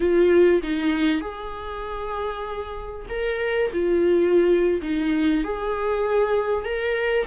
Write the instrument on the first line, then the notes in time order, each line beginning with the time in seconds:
viola
0.00 F4
0.62 D#4
1.21 G#4
3.09 A#4
3.72 F4
4.82 D#4
5.43 G#4
6.65 A#4